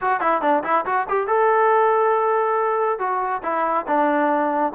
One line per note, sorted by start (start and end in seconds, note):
0.01 0.20 F#4
0.20 0.41 E4
0.41 0.63 D4
0.63 0.85 E4
0.85 1.07 F#4
1.09 1.27 G4
1.27 2.98 A4
2.99 3.41 F#4
3.43 3.86 E4
3.87 4.72 D4